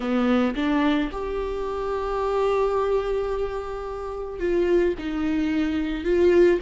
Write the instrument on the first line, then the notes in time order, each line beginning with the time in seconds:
viola
0.00 B3
0.55 D4
1.12 G4
4.39 F4
4.98 D#4
6.04 F4